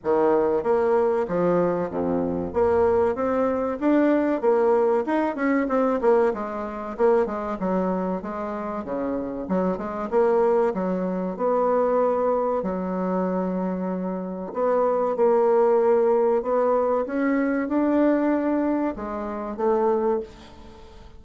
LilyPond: \new Staff \with { instrumentName = "bassoon" } { \time 4/4 \tempo 4 = 95 dis4 ais4 f4 f,4 | ais4 c'4 d'4 ais4 | dis'8 cis'8 c'8 ais8 gis4 ais8 gis8 | fis4 gis4 cis4 fis8 gis8 |
ais4 fis4 b2 | fis2. b4 | ais2 b4 cis'4 | d'2 gis4 a4 | }